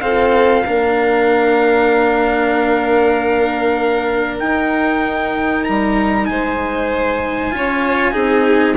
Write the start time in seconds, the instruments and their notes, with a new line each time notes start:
0.00 cello C4, bassoon F4, violin A4, trumpet F5
0.66 bassoon A#3, cello D4, violin A#4
4.39 cello D#4, bassoon D#4, trumpet G5
5.63 bassoon G3, trumpet A#5
6.25 bassoon G#3, violin C5, trumpet G#5
7.51 bassoon C#4, cello F4, violin C#5
8.11 bassoon C4, cello D#4, violin G#4